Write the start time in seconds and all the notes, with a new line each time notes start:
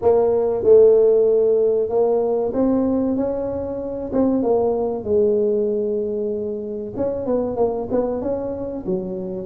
0.01 A#3
0.63 A3
1.89 A#3
2.53 C4
3.16 C#4
4.13 C4
4.42 A#3
5.04 G#3
6.96 C#4
7.26 B3
7.56 A#3
7.91 B3
8.21 C#4
8.86 F#3